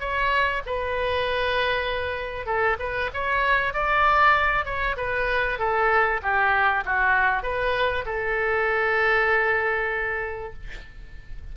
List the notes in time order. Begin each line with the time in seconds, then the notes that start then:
0.00 C#5
0.66 B4
2.46 A4
2.79 B4
3.13 C#5
3.73 D5
4.65 C#5
4.97 B4
5.59 A4
6.22 G4
6.85 F#4
7.43 B4
8.06 A4